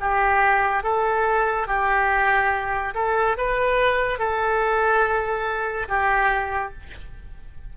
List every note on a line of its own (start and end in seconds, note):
0.00 0.83 G4
0.83 1.67 A4
1.67 2.94 G4
2.95 3.37 A4
3.38 4.19 B4
4.19 5.88 A4
5.88 6.73 G4